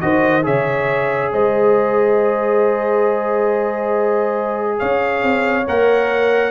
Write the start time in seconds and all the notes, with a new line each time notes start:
0.00 D#3 F#4 C5 D#5
0.42 C#3 G#4 C#5 E5
1.32 G#3 C5 D#5
4.78 C#4 C#5 F5
5.22 C4
5.67 A#3 A#4 F#5